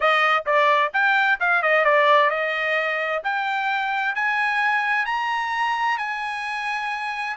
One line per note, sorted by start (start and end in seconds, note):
0.00 0.44 D#5
0.46 0.92 D5
0.93 1.39 G5
1.40 1.62 F5
1.62 1.85 D#5
1.85 2.30 D5
2.30 3.22 D#5
3.23 4.15 G5
4.15 5.05 G#5
5.05 5.97 A#5
5.98 7.36 G#5